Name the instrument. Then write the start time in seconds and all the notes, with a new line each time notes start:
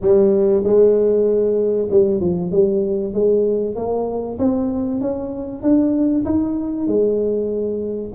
tuba
0.01 G3
0.63 G#3
1.90 G3
2.20 F3
2.51 G3
3.13 G#3
3.75 A#3
4.38 C4
5.00 C#4
5.62 D4
6.25 D#4
6.87 G#3